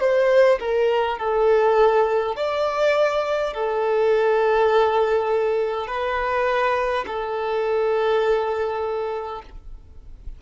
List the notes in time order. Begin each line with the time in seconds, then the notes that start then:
0.00 C5
0.60 A#4
1.19 A4
2.36 D5
3.53 A4
5.87 B4
7.07 A4